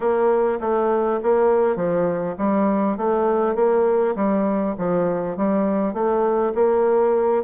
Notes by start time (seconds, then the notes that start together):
0.00 A#3
0.60 A3
1.22 A#3
1.76 F3
2.38 G3
2.97 A3
3.55 A#3
4.15 G3
4.78 F3
5.37 G3
5.93 A3
6.54 A#3